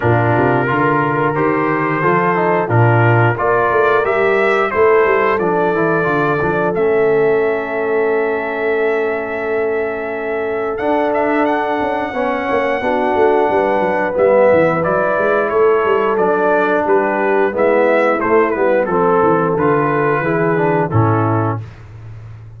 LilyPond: <<
  \new Staff \with { instrumentName = "trumpet" } { \time 4/4 \tempo 4 = 89 ais'2 c''2 | ais'4 d''4 e''4 c''4 | d''2 e''2~ | e''1 |
fis''8 e''8 fis''2.~ | fis''4 e''4 d''4 cis''4 | d''4 b'4 e''4 c''8 b'8 | a'4 b'2 a'4 | }
  \new Staff \with { instrumentName = "horn" } { \time 4/4 f'4 ais'2 a'4 | f'4 ais'2 a'4~ | a'1~ | a'1~ |
a'2 cis''4 fis'4 | b'2. a'4~ | a'4 g'4 e'2 | a'2 gis'4 e'4 | }
  \new Staff \with { instrumentName = "trombone" } { \time 4/4 d'4 f'4 g'4 f'8 dis'8 | d'4 f'4 g'4 e'4 | d'8 e'8 f'8 d'8 cis'2~ | cis'1 |
d'2 cis'4 d'4~ | d'4 b4 e'2 | d'2 b4 a8 b8 | c'4 f'4 e'8 d'8 cis'4 | }
  \new Staff \with { instrumentName = "tuba" } { \time 4/4 ais,8 c8 d4 dis4 f4 | ais,4 ais8 a8 g4 a8 g8 | f8 e8 d8 f8 a2~ | a1 |
d'4. cis'8 b8 ais8 b8 a8 | g8 fis8 g8 e8 fis8 gis8 a8 g8 | fis4 g4 gis4 a8 g8 | f8 e8 d4 e4 a,4 | }
>>